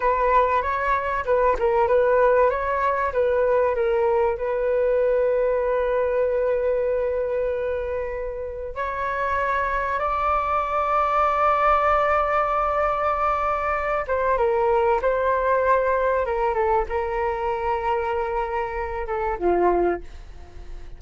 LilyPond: \new Staff \with { instrumentName = "flute" } { \time 4/4 \tempo 4 = 96 b'4 cis''4 b'8 ais'8 b'4 | cis''4 b'4 ais'4 b'4~ | b'1~ | b'2 cis''2 |
d''1~ | d''2~ d''8 c''8 ais'4 | c''2 ais'8 a'8 ais'4~ | ais'2~ ais'8 a'8 f'4 | }